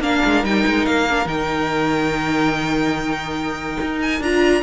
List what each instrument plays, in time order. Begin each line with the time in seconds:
0.00 cello A#3, viola D4, violin A#4 F5
0.25 cello G#3
0.43 cello G3, viola D#4, violin G5
0.66 cello G#3
0.85 cello A#3, violin F5
1.10 viola D4
1.25 cello D#3, viola D#4, violin G5
3.81 cello D#4
4.01 violin G#5
4.20 cello D4, viola F4, violin A#5